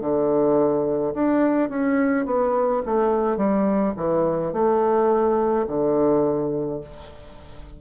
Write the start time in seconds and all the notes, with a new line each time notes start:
0.00 D3
1.14 D4
1.69 C#4
2.25 B3
2.85 A3
3.37 G3
3.96 E3
4.52 A3
5.67 D3